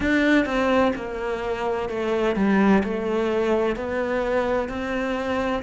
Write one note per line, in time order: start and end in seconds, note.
0.00 0.45 D4
0.45 0.92 C4
0.95 1.89 A#3
1.89 2.35 A3
2.35 2.82 G3
2.83 3.75 A3
3.75 4.68 B3
4.68 5.62 C4